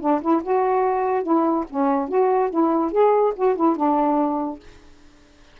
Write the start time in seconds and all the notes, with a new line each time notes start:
0.00 D4
0.21 E4
0.43 F#4
1.23 E4
1.69 C#4
2.08 F#4
2.50 E4
2.91 G#4
3.35 F#4
3.55 E4
3.76 D4